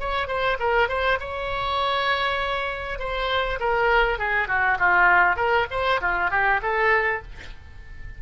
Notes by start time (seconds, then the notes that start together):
0.00 C#5
0.28 C5
0.60 A#4
0.89 C5
1.20 C#5
2.99 C5
3.60 A#4
4.19 G#4
4.48 F#4
4.79 F4
5.37 A#4
5.71 C5
6.01 F4
6.31 G4
6.62 A4